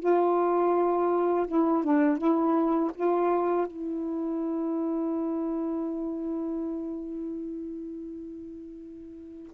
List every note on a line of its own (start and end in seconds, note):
0.00 1.46 F4
1.48 1.84 E4
1.84 2.18 D4
2.18 2.91 E4
2.95 3.67 F4
3.67 9.53 E4